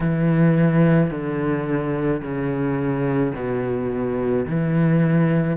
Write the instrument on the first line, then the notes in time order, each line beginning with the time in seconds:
cello
0.00 E3
1.10 D3
2.22 C#3
3.35 B2
4.45 E3